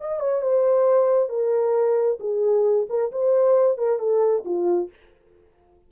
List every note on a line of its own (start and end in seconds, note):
0.00 0.20 D#5
0.20 0.42 C#5
0.42 1.29 C5
1.29 2.18 A#4
2.20 2.87 G#4
2.89 3.12 A#4
3.12 3.78 C5
3.78 3.99 A#4
3.99 4.44 A4
4.45 4.90 F4